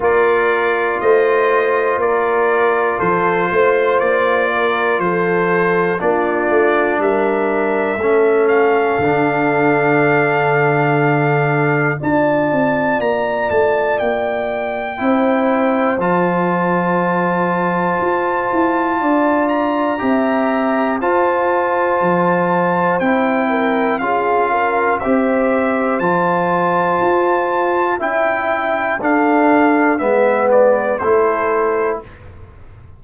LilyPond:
<<
  \new Staff \with { instrumentName = "trumpet" } { \time 4/4 \tempo 4 = 60 d''4 dis''4 d''4 c''4 | d''4 c''4 d''4 e''4~ | e''8 f''2.~ f''8 | a''4 ais''8 a''8 g''2 |
a''2.~ a''8 ais''8~ | ais''4 a''2 g''4 | f''4 e''4 a''2 | g''4 f''4 e''8 d''8 c''4 | }
  \new Staff \with { instrumentName = "horn" } { \time 4/4 ais'4 c''4 ais'4 a'8 c''8~ | c''8 ais'8 a'4 f'4 ais'4 | a'1 | d''2. c''4~ |
c''2. d''4 | e''4 c''2~ c''8 ais'8 | gis'8 ais'8 c''2. | e''4 a'4 b'4 a'4 | }
  \new Staff \with { instrumentName = "trombone" } { \time 4/4 f'1~ | f'2 d'2 | cis'4 d'2. | f'2. e'4 |
f'1 | g'4 f'2 e'4 | f'4 g'4 f'2 | e'4 d'4 b4 e'4 | }
  \new Staff \with { instrumentName = "tuba" } { \time 4/4 ais4 a4 ais4 f8 a8 | ais4 f4 ais8 a8 g4 | a4 d2. | d'8 c'8 ais8 a8 ais4 c'4 |
f2 f'8 e'8 d'4 | c'4 f'4 f4 c'4 | cis'4 c'4 f4 f'4 | cis'4 d'4 gis4 a4 | }
>>